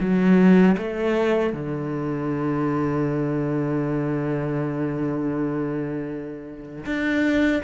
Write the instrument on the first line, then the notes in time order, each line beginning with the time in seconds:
cello
0.00 F#3
0.77 A3
1.53 D3
6.86 D4